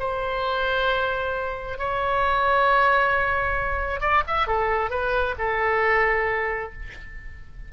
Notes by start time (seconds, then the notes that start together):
0.00 C5
1.78 C#5
4.01 D5
4.27 E5
4.48 A4
4.91 B4
5.39 A4